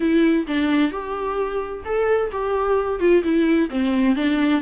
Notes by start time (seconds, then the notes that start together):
0.00 E4
0.47 D4
0.91 G4
1.84 A4
2.31 G4
2.99 F4
3.23 E4
3.70 C4
4.15 D4